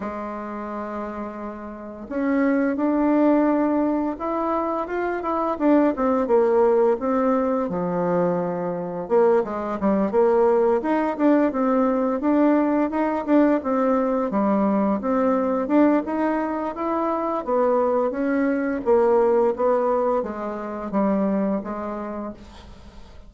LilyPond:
\new Staff \with { instrumentName = "bassoon" } { \time 4/4 \tempo 4 = 86 gis2. cis'4 | d'2 e'4 f'8 e'8 | d'8 c'8 ais4 c'4 f4~ | f4 ais8 gis8 g8 ais4 dis'8 |
d'8 c'4 d'4 dis'8 d'8 c'8~ | c'8 g4 c'4 d'8 dis'4 | e'4 b4 cis'4 ais4 | b4 gis4 g4 gis4 | }